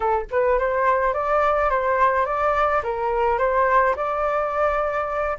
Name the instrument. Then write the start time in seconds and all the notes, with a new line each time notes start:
flute
0.00 A4
0.30 B4
0.58 C5
1.13 D5
1.70 C5
2.25 D5
2.83 A#4
3.38 C5
3.96 D5